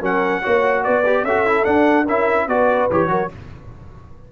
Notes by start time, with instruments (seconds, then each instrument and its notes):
0.00 tuba F#3, trombone C#4, horn A#4, trumpet F#5
0.41 tuba A#3, trombone F#4, horn C#5
0.83 tuba B3, horn B4, trumpet D5
1.05 trombone G4
1.23 tuba C#4, trombone F#4, horn A4, trumpet E5
1.46 trombone E4
1.64 trombone D4, tuba D4, trumpet F#5
2.05 tuba C#4, trombone E4, horn A#4, trumpet E5
2.47 tuba B3, trombone F#4, horn B4, trumpet D5
2.90 tuba E3, trombone G4, trumpet C#5
3.08 tuba F#3, trombone F#4, horn A#4